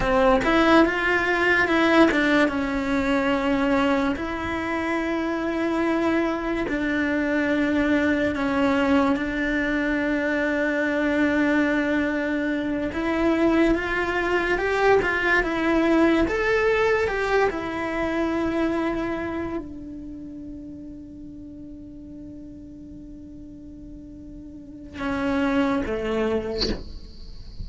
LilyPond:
\new Staff \with { instrumentName = "cello" } { \time 4/4 \tempo 4 = 72 c'8 e'8 f'4 e'8 d'8 cis'4~ | cis'4 e'2. | d'2 cis'4 d'4~ | d'2.~ d'8 e'8~ |
e'8 f'4 g'8 f'8 e'4 a'8~ | a'8 g'8 e'2~ e'8 d'8~ | d'1~ | d'2 cis'4 a4 | }